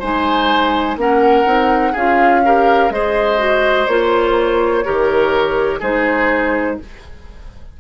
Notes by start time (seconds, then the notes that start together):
0.00 G#3 D#4 C5 G#5
0.97 A#3 C#4 A#4 F#5
1.45 C4 D#4
1.93 C#4 F4 G#4 F5
2.45 G4 A#4
2.91 G#3 G#4 C5 D#5
3.38 F#4
3.87 A#3 F4 C#5
4.84 D#3 G4 A#4
5.80 G#3 D#4 G#4 C5